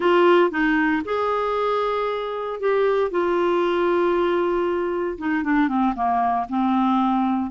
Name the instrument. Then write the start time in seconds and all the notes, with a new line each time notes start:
clarinet
0.00 F4
0.50 D#4
1.05 G#4
2.60 G4
3.10 F4
5.17 D#4
5.43 D4
5.68 C4
5.95 A#3
6.49 C4